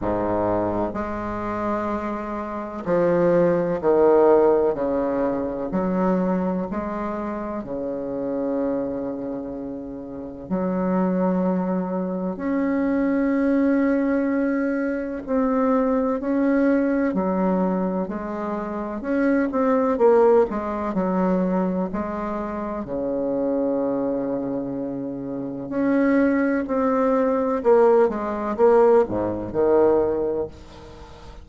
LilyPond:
\new Staff \with { instrumentName = "bassoon" } { \time 4/4 \tempo 4 = 63 gis,4 gis2 f4 | dis4 cis4 fis4 gis4 | cis2. fis4~ | fis4 cis'2. |
c'4 cis'4 fis4 gis4 | cis'8 c'8 ais8 gis8 fis4 gis4 | cis2. cis'4 | c'4 ais8 gis8 ais8 gis,8 dis4 | }